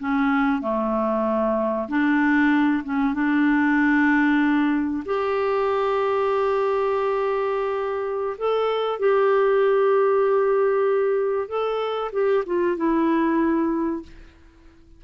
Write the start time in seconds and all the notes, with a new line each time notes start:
0.00 C#4
0.62 A3
1.89 D4
2.84 C#4
3.14 D4
5.05 G4
8.39 A4
8.99 G4
11.49 A4
12.13 G4
12.47 F4
12.77 E4